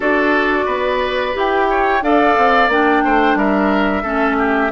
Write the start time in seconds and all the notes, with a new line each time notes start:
0.00 D4 F#4 A4 D5
0.65 B3 B4
1.33 E4 G4 G5
1.70 C#5
2.02 D4 A4 D5 F5
2.37 C4
2.68 A#3 D4 G5
3.04 A3 C5
3.35 G3 A#4 E5
4.02 A3 C#4 A4
4.38 G4